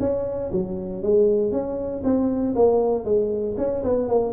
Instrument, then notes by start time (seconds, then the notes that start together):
tuba
0.00 C#4
0.52 F#3
1.02 G#3
1.52 C#4
2.04 C4
2.55 A#3
3.04 G#3
3.58 C#4
3.83 B3
4.08 A#3